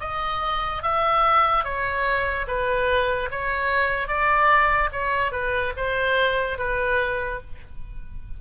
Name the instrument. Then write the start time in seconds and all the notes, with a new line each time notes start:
oboe
0.00 D#5
0.82 E5
1.64 C#5
2.47 B4
3.31 C#5
4.08 D5
4.92 C#5
5.32 B4
5.76 C5
6.58 B4